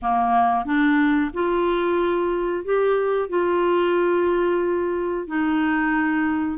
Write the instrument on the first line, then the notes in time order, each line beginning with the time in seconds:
clarinet
0.02 A#3
0.65 D4
1.33 F4
2.64 G4
3.29 F4
5.27 D#4